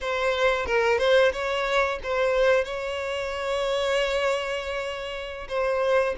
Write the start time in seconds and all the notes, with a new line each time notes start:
0.00 C5
0.65 A#4
0.98 C5
1.32 C#5
2.03 C5
2.64 C#5
5.48 C5